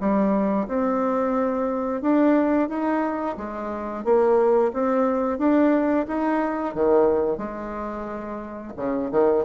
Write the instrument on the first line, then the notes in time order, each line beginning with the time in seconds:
bassoon
0.00 G3
0.68 C4
2.02 D4
2.69 D#4
3.37 G#3
4.04 A#3
4.73 C4
5.38 D4
6.08 D#4
6.74 D#3
7.38 G#3
8.77 C#3
9.11 D#3